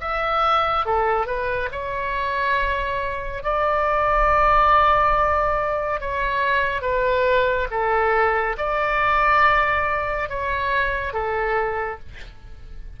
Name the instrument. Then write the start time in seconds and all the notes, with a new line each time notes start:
oboe
0.00 E5
0.85 A4
1.26 B4
1.71 C#5
3.43 D5
6.00 C#5
6.81 B4
7.70 A4
8.57 D5
10.29 C#5
11.13 A4